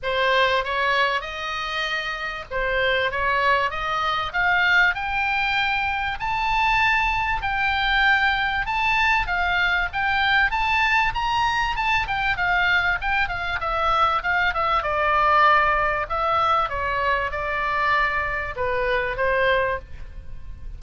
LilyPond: \new Staff \with { instrumentName = "oboe" } { \time 4/4 \tempo 4 = 97 c''4 cis''4 dis''2 | c''4 cis''4 dis''4 f''4 | g''2 a''2 | g''2 a''4 f''4 |
g''4 a''4 ais''4 a''8 g''8 | f''4 g''8 f''8 e''4 f''8 e''8 | d''2 e''4 cis''4 | d''2 b'4 c''4 | }